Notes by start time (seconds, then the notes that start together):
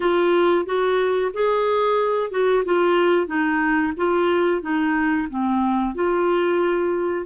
0.00 F4
0.65 F#4
1.33 G#4
2.30 F#4
2.64 F4
3.26 D#4
3.96 F4
4.61 D#4
5.29 C4
5.94 F4